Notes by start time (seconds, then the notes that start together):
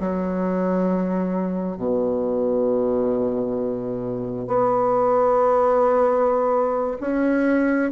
0.00 F#3
1.76 B2
4.47 B3
7.00 C#4